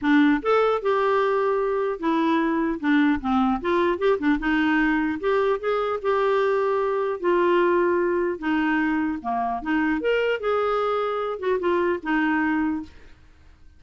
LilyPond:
\new Staff \with { instrumentName = "clarinet" } { \time 4/4 \tempo 4 = 150 d'4 a'4 g'2~ | g'4 e'2 d'4 | c'4 f'4 g'8 d'8 dis'4~ | dis'4 g'4 gis'4 g'4~ |
g'2 f'2~ | f'4 dis'2 ais4 | dis'4 ais'4 gis'2~ | gis'8 fis'8 f'4 dis'2 | }